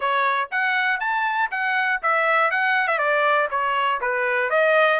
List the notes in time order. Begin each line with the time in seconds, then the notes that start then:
0.00 C#5
0.51 F#5
1.00 A5
1.50 F#5
2.02 E5
2.50 F#5
2.87 E5
2.98 D5
3.50 C#5
4.00 B4
4.50 D#5